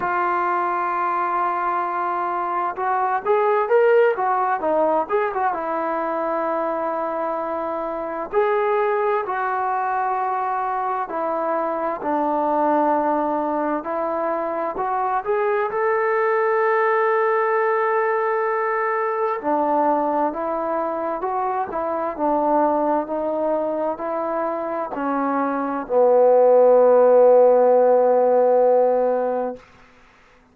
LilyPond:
\new Staff \with { instrumentName = "trombone" } { \time 4/4 \tempo 4 = 65 f'2. fis'8 gis'8 | ais'8 fis'8 dis'8 gis'16 fis'16 e'2~ | e'4 gis'4 fis'2 | e'4 d'2 e'4 |
fis'8 gis'8 a'2.~ | a'4 d'4 e'4 fis'8 e'8 | d'4 dis'4 e'4 cis'4 | b1 | }